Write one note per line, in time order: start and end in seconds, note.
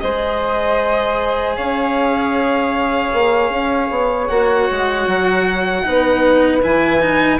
0.00 1.58 G#3
0.00 4.30 G#4
0.00 1.57 C5
0.00 1.56 D#5
1.57 3.13 C#4
1.57 5.85 C#5
1.57 4.27 F5
3.13 3.50 A#3
3.50 3.89 C#4
3.90 4.29 B3
4.27 4.69 A#3
4.27 5.83 F#4
4.27 6.61 F#5
4.70 5.07 G#3
5.07 5.85 F#3
5.83 6.64 B3
5.83 6.61 D#4
5.83 7.40 B4
6.62 7.40 E3
6.62 7.00 E4
6.62 7.40 G#5
7.00 7.39 D#4